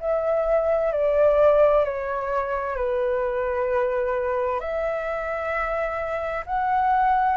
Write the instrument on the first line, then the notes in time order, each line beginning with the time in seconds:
flute
0.00 E5
0.92 D5
1.84 C#5
2.76 B4
4.60 E5
6.46 F#5